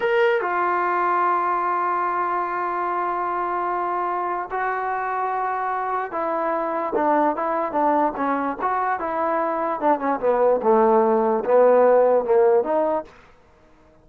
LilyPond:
\new Staff \with { instrumentName = "trombone" } { \time 4/4 \tempo 4 = 147 ais'4 f'2.~ | f'1~ | f'2. fis'4~ | fis'2. e'4~ |
e'4 d'4 e'4 d'4 | cis'4 fis'4 e'2 | d'8 cis'8 b4 a2 | b2 ais4 dis'4 | }